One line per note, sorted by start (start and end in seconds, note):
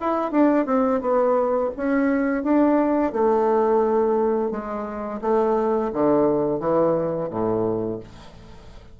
0.00 0.31 E4
0.31 0.66 D4
0.66 1.01 C4
1.01 1.70 B3
1.76 2.43 C#4
2.43 3.12 D4
3.12 4.51 A3
4.51 5.20 G#3
5.21 5.91 A3
5.93 6.60 D3
6.60 7.29 E3
7.30 8.00 A2